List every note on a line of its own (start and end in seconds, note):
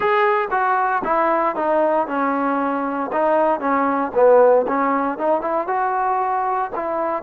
0.00 0.48 G#4
0.50 1.02 F#4
1.03 1.55 E4
1.55 2.07 D#4
2.07 3.10 C#4
3.12 3.59 D#4
3.59 4.11 C#4
4.14 4.66 B3
4.67 5.17 C#4
5.17 5.41 D#4
5.41 5.67 E4
5.67 6.70 F#4
6.75 7.22 E4